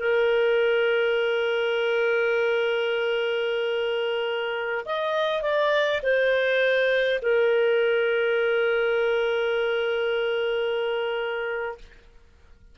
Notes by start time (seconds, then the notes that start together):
0.00 A#4
4.86 D#5
5.43 D5
6.03 C5
7.22 A#4